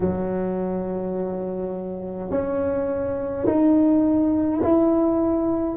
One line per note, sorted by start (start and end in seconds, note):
0.00 2.30 F#3
2.30 3.46 C#4
3.46 4.62 D#4
4.62 5.76 E4